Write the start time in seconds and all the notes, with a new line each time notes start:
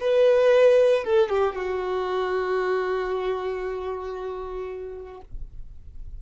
0.00 B4
1.04 A4
1.29 G4
1.55 F#4